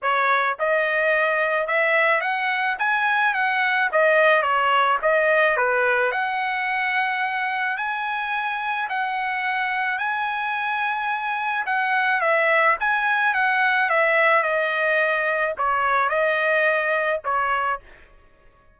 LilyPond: \new Staff \with { instrumentName = "trumpet" } { \time 4/4 \tempo 4 = 108 cis''4 dis''2 e''4 | fis''4 gis''4 fis''4 dis''4 | cis''4 dis''4 b'4 fis''4~ | fis''2 gis''2 |
fis''2 gis''2~ | gis''4 fis''4 e''4 gis''4 | fis''4 e''4 dis''2 | cis''4 dis''2 cis''4 | }